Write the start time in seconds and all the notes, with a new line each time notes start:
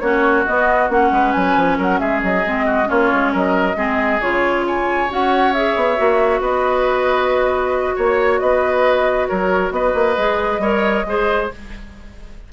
0.00 A#3 C#4 F#4 C#5
0.46 B3 D#5
0.89 A#3 C#4 F#5
1.12 G#3 B4
1.33 F#3 G#5
1.56 F3
1.78 F#3 A#4 F#5
2.00 G#3 G#4 E5
2.23 F#3 D#5
2.45 G#3 C4
2.66 F#4
2.85 A#3 C#4 F4 C#5
3.13 G#3
3.32 F#3 A#4 D#5
3.76 G#3 C4 G#4
4.21 C#3 F4 C#5
4.67 C#5 G#5
5.09 C#4 F#4 F#5
5.53 G#4 E5
5.76 B3
5.97 A#3 F#4
6.41 B3 B4 D#5
7.96 A#3 C#5
8.40 B3 B4 D#5
9.28 F#3 A#4 C#5
9.71 B3 B4 D#5
9.95 A#3
10.17 G#3 G#4
10.59 G3 A#4 C#5
11.05 G#3 G#4 C5